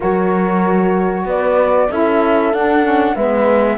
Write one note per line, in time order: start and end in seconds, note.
0.00 1.25 F#3
0.00 1.87 F#4
0.00 1.26 A#4
0.00 1.27 C#5
1.25 1.88 B3
1.25 1.90 B4
1.25 1.91 D5
1.90 2.53 C#4
1.90 2.51 E4
1.90 3.15 A4
1.90 2.53 E5
2.51 2.82 D4
2.51 3.16 D4
2.51 3.15 F#5
2.82 3.14 C#4
3.15 3.77 G#3
3.15 3.77 B3
3.15 3.77 B4
3.15 3.77 E5